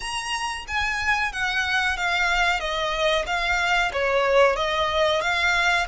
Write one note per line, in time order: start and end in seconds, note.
0.00 0.65 A#5
0.67 1.32 G#5
1.32 1.96 F#5
1.96 2.59 F5
2.59 3.25 D#5
3.26 3.91 F5
3.92 4.55 C#5
4.55 5.21 D#5
5.21 5.86 F5